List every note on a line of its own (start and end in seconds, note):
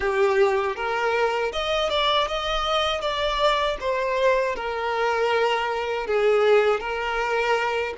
0.00 0.76 G4
0.76 1.52 A#4
1.52 1.90 D#5
1.90 2.28 D5
2.28 3.01 D#5
3.01 3.77 D5
3.80 4.55 C5
4.55 6.07 A#4
6.07 6.80 G#4
6.80 7.94 A#4